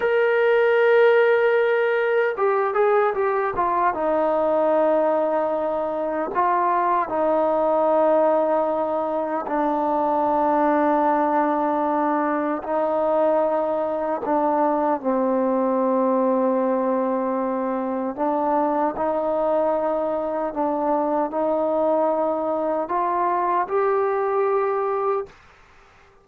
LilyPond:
\new Staff \with { instrumentName = "trombone" } { \time 4/4 \tempo 4 = 76 ais'2. g'8 gis'8 | g'8 f'8 dis'2. | f'4 dis'2. | d'1 |
dis'2 d'4 c'4~ | c'2. d'4 | dis'2 d'4 dis'4~ | dis'4 f'4 g'2 | }